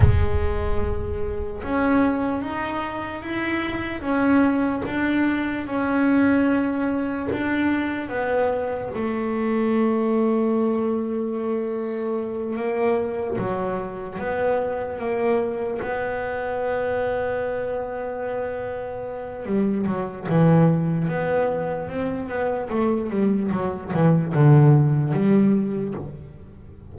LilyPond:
\new Staff \with { instrumentName = "double bass" } { \time 4/4 \tempo 4 = 74 gis2 cis'4 dis'4 | e'4 cis'4 d'4 cis'4~ | cis'4 d'4 b4 a4~ | a2.~ a8 ais8~ |
ais8 fis4 b4 ais4 b8~ | b1 | g8 fis8 e4 b4 c'8 b8 | a8 g8 fis8 e8 d4 g4 | }